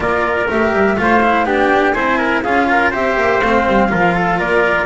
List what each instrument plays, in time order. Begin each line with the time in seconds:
0.00 double bass A#3, cello F4, trumpet A#4, flute D5
0.48 double bass A3, cello G4, flute E5
0.72 double bass G3
0.96 double bass A3, cello F4, trumpet C5, flute F5
1.22 cello E4
1.45 double bass B3, cello D4, trumpet G4, flute G5
1.92 double bass C4, cello E4, trumpet C5, flute G#5
2.18 trumpet A#4
2.42 double bass C#4, cello F4, trumpet G#4, flute F5
2.70 trumpet A#4
2.91 double bass C4, cello G4, trumpet C5, flute E5
3.15 double bass A#3
3.41 double bass A3, cello C4, flute F5
3.67 double bass G3
3.89 double bass F3, cello F4, trumpet A#4
4.14 trumpet A4
4.38 double bass A#3, trumpet A#4, flute D5